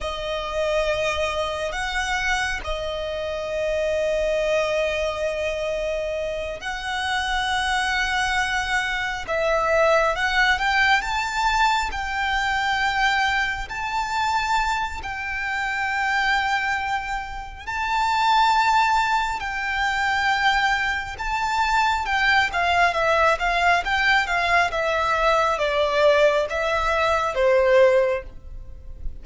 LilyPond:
\new Staff \with { instrumentName = "violin" } { \time 4/4 \tempo 4 = 68 dis''2 fis''4 dis''4~ | dis''2.~ dis''8 fis''8~ | fis''2~ fis''8 e''4 fis''8 | g''8 a''4 g''2 a''8~ |
a''4 g''2. | a''2 g''2 | a''4 g''8 f''8 e''8 f''8 g''8 f''8 | e''4 d''4 e''4 c''4 | }